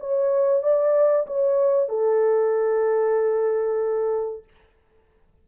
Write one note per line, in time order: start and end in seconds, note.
0.00 0.63 C#5
0.63 1.27 D5
1.27 1.89 C#5
1.89 4.44 A4